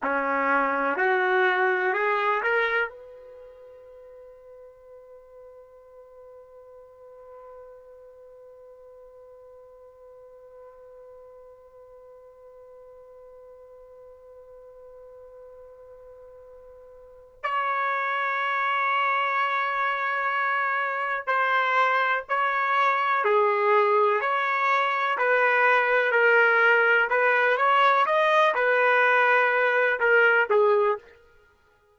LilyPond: \new Staff \with { instrumentName = "trumpet" } { \time 4/4 \tempo 4 = 62 cis'4 fis'4 gis'8 ais'8 b'4~ | b'1~ | b'1~ | b'1~ |
b'2 cis''2~ | cis''2 c''4 cis''4 | gis'4 cis''4 b'4 ais'4 | b'8 cis''8 dis''8 b'4. ais'8 gis'8 | }